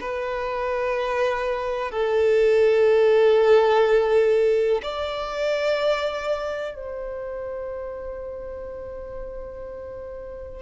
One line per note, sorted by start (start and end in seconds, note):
0.00 1.91 B4
1.91 4.81 A4
4.82 6.74 D5
6.74 10.61 C5